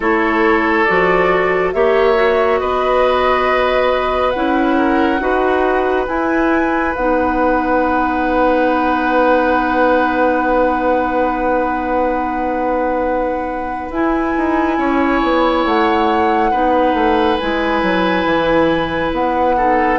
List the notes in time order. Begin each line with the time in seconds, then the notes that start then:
0.00 A3 E4 A4 C#5
0.84 F3 F#4 D5
1.72 A#3 G4 C#5 E5
2.15 F#4
2.59 B3 B4 D#5
4.30 C#4 E4 F#5
4.77 A#4
5.19 D#4 F#4 B4
6.07 E4 G#5
6.95 B3 D#4 F#5
13.90 E4 G#5
14.37 D#4
14.78 C#4 C#5
15.22 B3
15.65 A3 F#5
16.51 B3 D#4 B4
16.93 A3
17.37 G#3 E4 G#5
17.82 F#3
18.25 E3
19.11 B3 F#5
19.57 D#4 A4